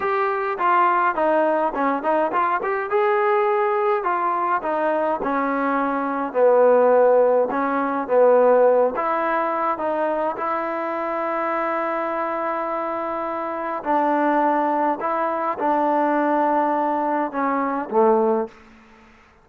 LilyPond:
\new Staff \with { instrumentName = "trombone" } { \time 4/4 \tempo 4 = 104 g'4 f'4 dis'4 cis'8 dis'8 | f'8 g'8 gis'2 f'4 | dis'4 cis'2 b4~ | b4 cis'4 b4. e'8~ |
e'4 dis'4 e'2~ | e'1 | d'2 e'4 d'4~ | d'2 cis'4 a4 | }